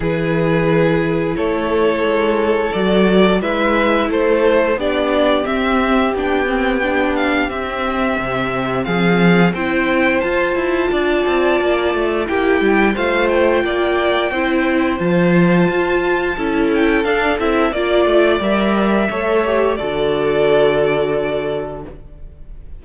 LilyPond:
<<
  \new Staff \with { instrumentName = "violin" } { \time 4/4 \tempo 4 = 88 b'2 cis''2 | d''4 e''4 c''4 d''4 | e''4 g''4. f''8 e''4~ | e''4 f''4 g''4 a''4~ |
a''2 g''4 f''8 g''8~ | g''2 a''2~ | a''8 g''8 f''8 e''8 d''4 e''4~ | e''4 d''2. | }
  \new Staff \with { instrumentName = "violin" } { \time 4/4 gis'2 a'2~ | a'4 b'4 a'4 g'4~ | g'1~ | g'4 gis'4 c''2 |
d''2 g'4 c''4 | d''4 c''2. | a'2 d''2 | cis''4 a'2. | }
  \new Staff \with { instrumentName = "viola" } { \time 4/4 e'1 | fis'4 e'2 d'4 | c'4 d'8 c'8 d'4 c'4~ | c'2 e'4 f'4~ |
f'2 e'4 f'4~ | f'4 e'4 f'2 | e'4 d'8 e'8 f'4 ais'4 | a'8 g'8 fis'2. | }
  \new Staff \with { instrumentName = "cello" } { \time 4/4 e2 a4 gis4 | fis4 gis4 a4 b4 | c'4 b2 c'4 | c4 f4 c'4 f'8 e'8 |
d'8 c'8 ais8 a8 ais8 g8 a4 | ais4 c'4 f4 f'4 | cis'4 d'8 c'8 ais8 a8 g4 | a4 d2. | }
>>